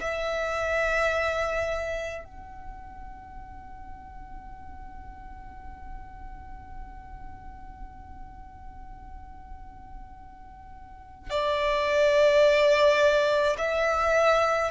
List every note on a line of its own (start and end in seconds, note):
0.00 2.24 E5
2.24 11.30 F#5
11.30 13.56 D5
13.57 14.71 E5